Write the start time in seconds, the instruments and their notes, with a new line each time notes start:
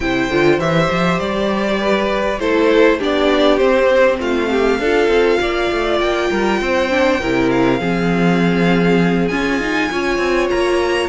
0.00 cello C3, viola E4, violin C5 G5
0.29 cello D3, viola F4
0.58 cello E3, viola G4, violin E5
0.91 cello F3
1.19 cello G3, violin D5
1.79 violin B4
2.39 cello A3, viola E4, violin A4 C5
2.98 cello B3, viola D4, violin G4 D5
3.57 viola C4, cello C4, violin C5
4.19 cello A3, violin F4 F5
4.50 violin G4
4.79 cello D4, viola F4, violin A4
5.07 cello C4
5.40 cello A#3, violin D5
5.71 cello A3
6.00 cello A#3, violin G5
6.29 cello G3, violin A#4
6.60 cello C4, violin C5
6.89 viola D4
7.20 cello C3, viola E4, violin A#4
7.50 violin F5
7.80 cello F3, viola C4, violin G#4
9.27 viola C#4, cello F4, violin G#5
9.60 viola D#4
9.91 cello C#4, viola F4, violin C#5
10.18 cello C4
10.50 cello A#3, violin A#5